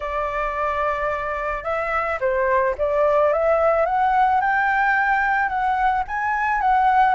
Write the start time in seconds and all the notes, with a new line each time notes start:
0.00 D5
1.63 E5
2.20 C5
2.77 D5
3.33 E5
3.85 F#5
4.41 G5
5.48 F#5
6.07 G#5
6.61 F#5